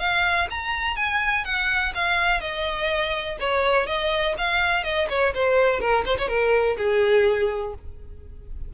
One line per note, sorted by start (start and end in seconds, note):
0.00 0.48 F5
0.51 0.97 A#5
0.97 1.45 G#5
1.45 1.94 F#5
1.95 2.41 F5
2.41 3.38 D#5
3.40 3.87 C#5
3.87 4.35 D#5
4.38 4.84 F5
4.84 5.08 D#5
5.10 5.34 C#5
5.35 5.80 C5
5.80 6.05 A#4
6.06 6.18 C5
6.18 6.29 C#5
6.29 6.77 A#4
6.78 7.75 G#4